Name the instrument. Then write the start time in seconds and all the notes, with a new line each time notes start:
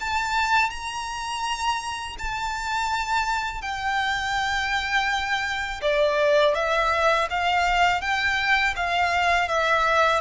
violin
0.00 A5
0.70 A#5
2.19 A5
3.62 G5
5.82 D5
6.55 E5
7.30 F5
8.02 G5
8.76 F5
9.49 E5